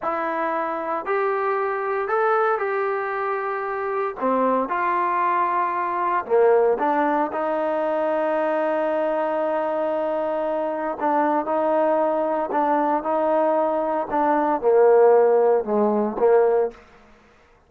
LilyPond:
\new Staff \with { instrumentName = "trombone" } { \time 4/4 \tempo 4 = 115 e'2 g'2 | a'4 g'2. | c'4 f'2. | ais4 d'4 dis'2~ |
dis'1~ | dis'4 d'4 dis'2 | d'4 dis'2 d'4 | ais2 gis4 ais4 | }